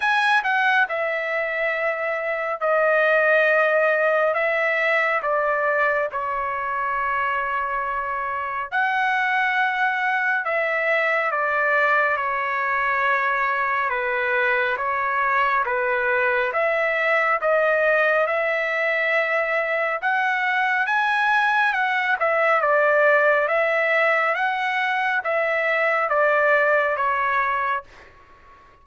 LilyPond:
\new Staff \with { instrumentName = "trumpet" } { \time 4/4 \tempo 4 = 69 gis''8 fis''8 e''2 dis''4~ | dis''4 e''4 d''4 cis''4~ | cis''2 fis''2 | e''4 d''4 cis''2 |
b'4 cis''4 b'4 e''4 | dis''4 e''2 fis''4 | gis''4 fis''8 e''8 d''4 e''4 | fis''4 e''4 d''4 cis''4 | }